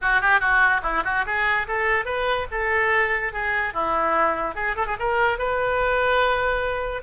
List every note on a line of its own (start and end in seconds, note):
0.01 0.21 F#4
0.21 0.39 G4
0.39 0.81 F#4
0.82 1.03 E4
1.04 1.25 F#4
1.25 1.67 G#4
1.67 2.05 A4
2.05 2.46 B4
2.51 3.33 A4
3.33 3.73 G#4
3.73 4.55 E4
4.55 4.75 G#4
4.75 4.86 A4
4.86 4.96 G#4
4.99 5.38 A#4
5.38 7.02 B4